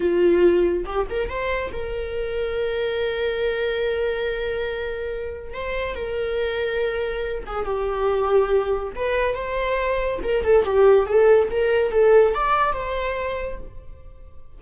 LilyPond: \new Staff \with { instrumentName = "viola" } { \time 4/4 \tempo 4 = 141 f'2 g'8 ais'8 c''4 | ais'1~ | ais'1~ | ais'4 c''4 ais'2~ |
ais'4. gis'8 g'2~ | g'4 b'4 c''2 | ais'8 a'8 g'4 a'4 ais'4 | a'4 d''4 c''2 | }